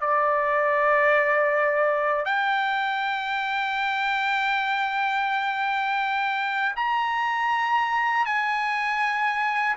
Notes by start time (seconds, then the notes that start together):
0.00 D5
2.25 G5
6.76 A#5
8.25 G#5